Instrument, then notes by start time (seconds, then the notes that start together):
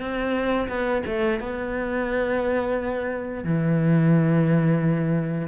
cello
0.00 C4
0.68 B3
1.06 A3
1.40 B3
3.44 E3